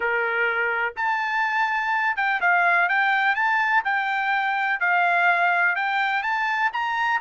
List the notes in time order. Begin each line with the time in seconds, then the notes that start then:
0.00 A#4
0.96 A5
2.16 G5
2.40 F5
2.88 G5
3.35 A5
3.84 G5
4.80 F5
5.75 G5
6.22 A5
6.72 A#5